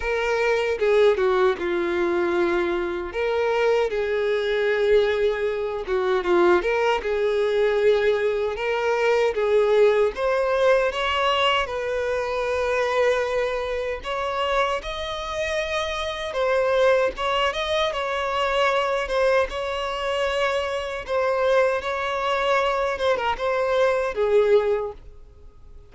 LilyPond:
\new Staff \with { instrumentName = "violin" } { \time 4/4 \tempo 4 = 77 ais'4 gis'8 fis'8 f'2 | ais'4 gis'2~ gis'8 fis'8 | f'8 ais'8 gis'2 ais'4 | gis'4 c''4 cis''4 b'4~ |
b'2 cis''4 dis''4~ | dis''4 c''4 cis''8 dis''8 cis''4~ | cis''8 c''8 cis''2 c''4 | cis''4. c''16 ais'16 c''4 gis'4 | }